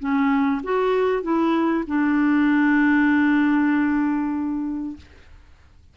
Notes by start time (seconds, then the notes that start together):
0.00 C#4
0.64 F#4
1.23 E4
1.88 D4